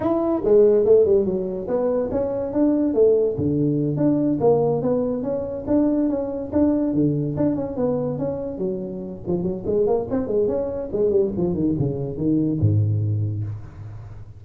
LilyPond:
\new Staff \with { instrumentName = "tuba" } { \time 4/4 \tempo 4 = 143 e'4 gis4 a8 g8 fis4 | b4 cis'4 d'4 a4 | d4. d'4 ais4 b8~ | b8 cis'4 d'4 cis'4 d'8~ |
d'8 d4 d'8 cis'8 b4 cis'8~ | cis'8 fis4. f8 fis8 gis8 ais8 | c'8 gis8 cis'4 gis8 g8 f8 dis8 | cis4 dis4 gis,2 | }